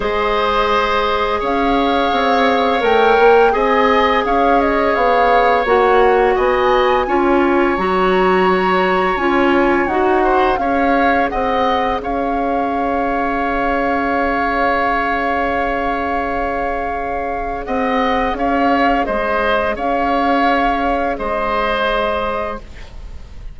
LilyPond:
<<
  \new Staff \with { instrumentName = "flute" } { \time 4/4 \tempo 4 = 85 dis''2 f''2 | g''4 gis''4 f''8 dis''8 f''4 | fis''4 gis''2 ais''4~ | ais''4 gis''4 fis''4 f''4 |
fis''4 f''2.~ | f''1~ | f''4 fis''4 f''4 dis''4 | f''2 dis''2 | }
  \new Staff \with { instrumentName = "oboe" } { \time 4/4 c''2 cis''2~ | cis''4 dis''4 cis''2~ | cis''4 dis''4 cis''2~ | cis''2~ cis''8 c''8 cis''4 |
dis''4 cis''2.~ | cis''1~ | cis''4 dis''4 cis''4 c''4 | cis''2 c''2 | }
  \new Staff \with { instrumentName = "clarinet" } { \time 4/4 gis'1 | ais'4 gis'2. | fis'2 f'4 fis'4~ | fis'4 f'4 fis'4 gis'4~ |
gis'1~ | gis'1~ | gis'1~ | gis'1 | }
  \new Staff \with { instrumentName = "bassoon" } { \time 4/4 gis2 cis'4 c'4 | a8 ais8 c'4 cis'4 b4 | ais4 b4 cis'4 fis4~ | fis4 cis'4 dis'4 cis'4 |
c'4 cis'2.~ | cis'1~ | cis'4 c'4 cis'4 gis4 | cis'2 gis2 | }
>>